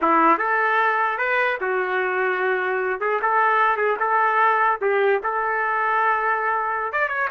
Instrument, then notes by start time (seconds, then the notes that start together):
trumpet
0.01 E4
0.37 A4
1.18 B4
1.60 F#4
3.00 G#4
3.21 A4
3.76 G#4
3.99 A4
4.81 G4
5.23 A4
6.92 D5
7.08 C#5